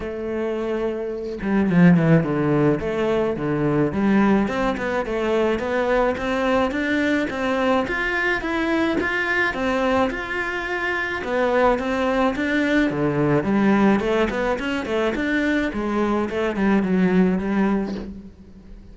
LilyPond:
\new Staff \with { instrumentName = "cello" } { \time 4/4 \tempo 4 = 107 a2~ a8 g8 f8 e8 | d4 a4 d4 g4 | c'8 b8 a4 b4 c'4 | d'4 c'4 f'4 e'4 |
f'4 c'4 f'2 | b4 c'4 d'4 d4 | g4 a8 b8 cis'8 a8 d'4 | gis4 a8 g8 fis4 g4 | }